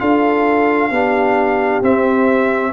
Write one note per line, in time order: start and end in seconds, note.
0.00 0.91 D4
0.00 0.91 F4
0.00 0.92 A4
0.00 1.82 F5
0.91 1.82 B3
0.91 1.83 D4
0.91 2.73 G4
1.83 2.73 C4
1.83 2.73 E5